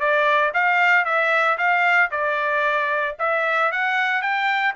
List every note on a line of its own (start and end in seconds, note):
0.00 0.53 D5
0.54 1.05 F5
1.05 1.58 E5
1.58 2.11 F5
2.11 3.17 D5
3.20 3.72 E5
3.72 4.22 F#5
4.22 4.75 G5